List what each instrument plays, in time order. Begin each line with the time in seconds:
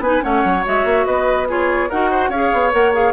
0.00 bassoon B3, clarinet D#4, oboe B4, flute G#5
0.21 bassoon A3, clarinet C#4, oboe C#5, flute F#5
0.44 bassoon F#3
0.65 bassoon G#3, clarinet F#4, flute E5
0.85 bassoon A#3
1.06 bassoon B3, oboe B4, flute D#5
1.48 clarinet F4, oboe G#4, flute C#5
1.89 bassoon D#4, clarinet F#4, oboe A#4, flute F#5
2.11 oboe C5
2.29 bassoon C#4, clarinet G#4, oboe C#5, flute F5
2.53 bassoon B3
2.71 bassoon A#3, clarinet A#4, flute F#5
2.93 clarinet G#4, flute F5